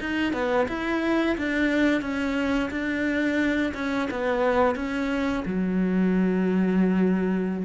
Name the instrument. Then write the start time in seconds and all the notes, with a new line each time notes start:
cello
0.00 D#4
0.33 B3
0.68 E4
1.37 D4
2.01 C#4
2.70 D4
3.74 C#4
4.10 B3
4.75 C#4
5.45 F#3